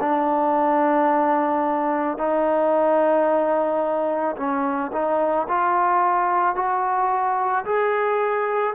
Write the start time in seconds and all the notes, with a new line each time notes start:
0.00 D4
2.18 D#4
4.37 C#4
4.92 D#4
5.48 F4
6.56 F#4
7.65 G#4